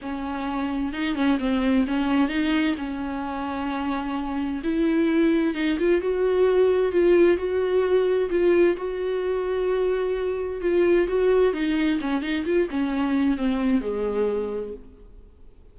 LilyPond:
\new Staff \with { instrumentName = "viola" } { \time 4/4 \tempo 4 = 130 cis'2 dis'8 cis'8 c'4 | cis'4 dis'4 cis'2~ | cis'2 e'2 | dis'8 f'8 fis'2 f'4 |
fis'2 f'4 fis'4~ | fis'2. f'4 | fis'4 dis'4 cis'8 dis'8 f'8 cis'8~ | cis'4 c'4 gis2 | }